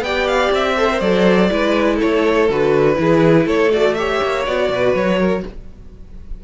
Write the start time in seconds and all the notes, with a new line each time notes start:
0.00 B3 D5 G5
0.07 G4
0.27 F5
0.52 C4 E5
0.77 A4 C5
0.92 A#4
1.00 F#3 A4 D5
1.51 G#3 E4 B4
1.96 A4 C#5
2.04 A3
2.49 D3 F#4 B4
2.95 E3 E4 G#4
3.46 A3 A4 C#5
3.72 F#4 D5
3.94 G4 C#5 E5
4.23 A#3
4.46 B3 F#4 D5
4.69 B2 B4
4.94 F#3 C#5
5.19 A#4